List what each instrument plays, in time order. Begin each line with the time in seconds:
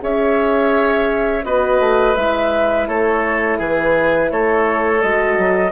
0.00 bassoon C#4, horn G#4, oboe C#5, flute E5
1.45 bassoon B3, horn F#4, oboe B4, flute D#5
1.80 bassoon A3
2.15 bassoon G#3, horn E4, flute E5
2.88 bassoon A3, oboe A4, flute C#5
3.58 bassoon E3, oboe G#4, flute B4
4.32 bassoon A3, oboe A4, flute C#5
5.02 bassoon G#3, horn F#4, flute D#5
5.38 bassoon F#3